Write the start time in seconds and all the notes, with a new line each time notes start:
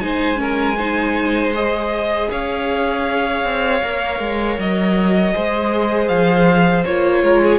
0.00 G#3 D#4 C5 G#5
0.35 C#4 A#4
0.77 D#4 C5
1.54 G#4 D#5
2.30 C#4 C#5 F5
3.44 C4
3.83 A#3 A#4
4.19 G#3
4.58 F#3 D#5
5.33 G#3 G#4 C5
6.08 F3 F5
6.85 A#3 F4 C#5
7.23 G#3 A#4
7.42 G#4